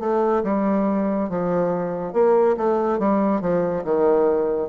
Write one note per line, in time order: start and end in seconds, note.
0.00 0.43 A3
0.44 1.29 G3
1.29 2.13 F3
2.13 2.56 A#3
2.57 2.99 A3
2.99 3.41 G3
3.41 3.84 F3
3.84 4.69 D#3